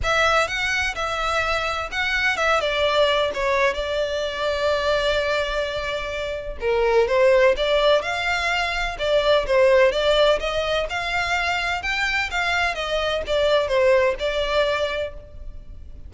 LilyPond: \new Staff \with { instrumentName = "violin" } { \time 4/4 \tempo 4 = 127 e''4 fis''4 e''2 | fis''4 e''8 d''4. cis''4 | d''1~ | d''2 ais'4 c''4 |
d''4 f''2 d''4 | c''4 d''4 dis''4 f''4~ | f''4 g''4 f''4 dis''4 | d''4 c''4 d''2 | }